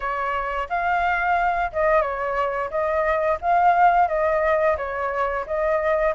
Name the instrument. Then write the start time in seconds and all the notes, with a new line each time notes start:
flute
0.00 C#5
0.69 F5
1.72 D#5
2.01 C#5
2.70 D#5
3.41 F5
4.08 D#5
4.77 C#5
5.46 D#5